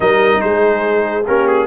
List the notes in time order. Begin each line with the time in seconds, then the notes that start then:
0.00 G3 D#4 A#4 D#5
0.41 G#3 G#4 C5
1.26 A#3 C#4 G4 A#4
1.47 G#4